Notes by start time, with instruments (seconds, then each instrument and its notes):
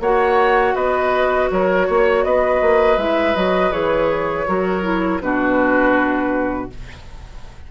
0.00 bassoon A#3, clarinet F#4, oboe C#5, flute F#5
0.75 bassoon B3, oboe B4, flute D#5
1.51 bassoon F#3, oboe A#4, flute C#5
1.87 bassoon A#3, oboe C#5
2.24 bassoon B3, oboe B4, flute D#5
2.61 bassoon A#3
2.97 bassoon G#3, clarinet E4, flute E5
3.35 bassoon F#3, clarinet F#4, flute D#5
3.71 bassoon E3, clarinet G#4, flute C#5
4.46 bassoon F#3, clarinet F#4, oboe A#4
4.82 clarinet E4
5.21 bassoon B2, clarinet D4, oboe F#4, flute B4